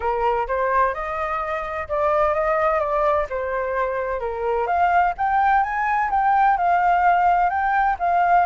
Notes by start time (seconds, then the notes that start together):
0.00 A#4
0.47 C5
0.94 D#5
1.88 D5
2.34 D#5
2.79 D5
3.29 C5
4.20 A#4
4.66 F5
5.17 G5
5.63 G#5
6.10 G5
6.57 F5
7.49 G5
7.99 F5